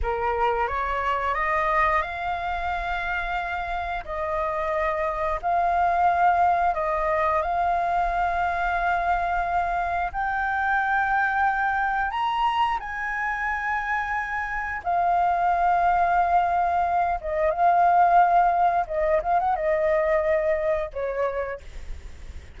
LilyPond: \new Staff \with { instrumentName = "flute" } { \time 4/4 \tempo 4 = 89 ais'4 cis''4 dis''4 f''4~ | f''2 dis''2 | f''2 dis''4 f''4~ | f''2. g''4~ |
g''2 ais''4 gis''4~ | gis''2 f''2~ | f''4. dis''8 f''2 | dis''8 f''16 fis''16 dis''2 cis''4 | }